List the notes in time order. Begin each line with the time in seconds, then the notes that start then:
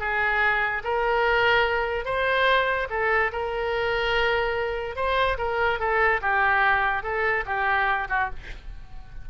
0.00 G#4
0.84 A#4
2.05 C5
2.90 A4
3.32 A#4
4.96 C5
5.38 A#4
5.79 A4
6.22 G4
7.03 A4
7.46 G4
8.09 F#4